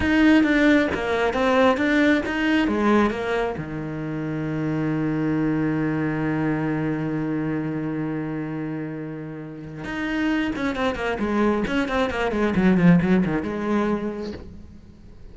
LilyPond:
\new Staff \with { instrumentName = "cello" } { \time 4/4 \tempo 4 = 134 dis'4 d'4 ais4 c'4 | d'4 dis'4 gis4 ais4 | dis1~ | dis1~ |
dis1~ | dis2 dis'4. cis'8 | c'8 ais8 gis4 cis'8 c'8 ais8 gis8 | fis8 f8 fis8 dis8 gis2 | }